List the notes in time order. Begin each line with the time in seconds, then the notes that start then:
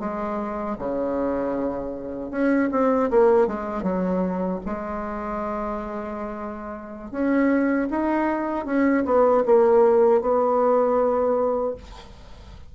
0.00 G#3
0.79 C#3
2.31 C#4
2.72 C4
3.11 A#3
3.48 G#3
3.83 F#3
4.66 G#3
7.12 C#4
7.91 D#4
8.66 C#4
9.06 B3
9.46 A#3
10.22 B3